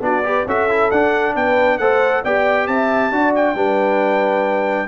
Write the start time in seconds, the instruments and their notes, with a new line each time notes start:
0.00 tuba B3, trombone D4, horn F#4, trumpet D5
0.24 trombone G4, horn B4
0.46 tuba C#4, trombone F#4, horn A4, trumpet E5
0.69 trombone E4
0.91 tuba D4, trombone D4, trumpet F#5
1.35 tuba B3, horn B4, trumpet G5
1.78 tuba A3, trombone A4, horn C5, trumpet F#5
2.23 tuba B3, trombone G4, horn D5, trumpet G5
2.67 tuba C4, horn E5, trumpet A5
3.11 tuba D4, trombone F#4, horn D5
3.35 trumpet G5
3.55 tuba G3, trombone D4, horn B4